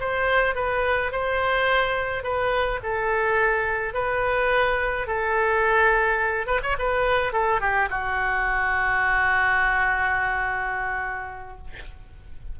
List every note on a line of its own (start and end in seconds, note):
0.00 0.55 C5
0.55 1.12 B4
1.12 2.23 C5
2.23 2.80 B4
2.83 3.94 A4
3.94 5.07 B4
5.07 6.47 A4
6.47 6.61 B4
6.63 6.77 C#5
6.78 7.33 B4
7.33 7.61 A4
7.61 7.89 G4
7.90 11.58 F#4